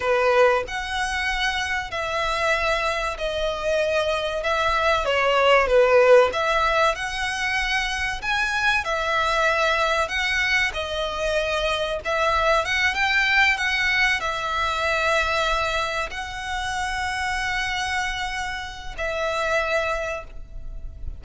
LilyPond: \new Staff \with { instrumentName = "violin" } { \time 4/4 \tempo 4 = 95 b'4 fis''2 e''4~ | e''4 dis''2 e''4 | cis''4 b'4 e''4 fis''4~ | fis''4 gis''4 e''2 |
fis''4 dis''2 e''4 | fis''8 g''4 fis''4 e''4.~ | e''4. fis''2~ fis''8~ | fis''2 e''2 | }